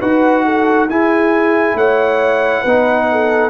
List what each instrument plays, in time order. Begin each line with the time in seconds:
0.00 tuba D#4, trombone F#4, horn B4, trumpet F#5
0.45 horn A4
0.89 tuba E4, trombone E4, horn G#4, trumpet G#5
1.74 tuba A3, horn C#5, trumpet F#5
2.62 tuba B3, trombone D#4, horn B4
3.11 horn A4